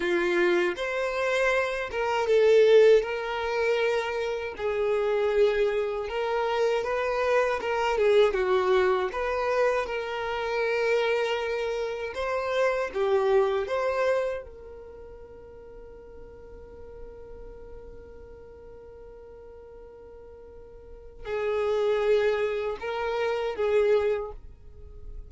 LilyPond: \new Staff \with { instrumentName = "violin" } { \time 4/4 \tempo 4 = 79 f'4 c''4. ais'8 a'4 | ais'2 gis'2 | ais'4 b'4 ais'8 gis'8 fis'4 | b'4 ais'2. |
c''4 g'4 c''4 ais'4~ | ais'1~ | ais'1 | gis'2 ais'4 gis'4 | }